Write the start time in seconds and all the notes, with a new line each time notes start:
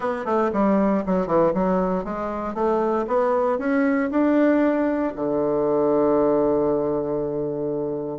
0.00 B3
0.25 A3
0.52 G3
1.06 F#3
1.27 E3
1.54 F#3
2.04 G#3
2.54 A3
3.07 B3
3.58 C#4
4.10 D4
5.15 D3